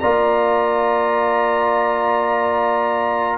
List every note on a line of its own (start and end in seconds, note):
0.00 3.38 A#3
0.00 3.38 F4
0.00 3.38 D5
0.00 3.38 A#5